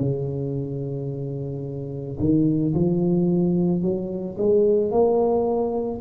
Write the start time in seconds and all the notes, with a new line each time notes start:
0.00 C#3
2.19 D#3
2.74 F3
3.82 F#3
4.37 G#3
4.91 A#3